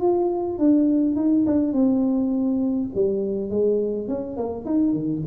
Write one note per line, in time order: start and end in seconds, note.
0.00 0.58 F4
0.58 1.16 D4
1.16 1.45 D#4
1.46 1.73 D4
1.73 2.89 C4
2.95 3.50 G3
3.50 4.08 G#3
4.08 4.37 C#4
4.37 4.65 A#3
4.65 4.93 D#4
4.93 5.22 D#3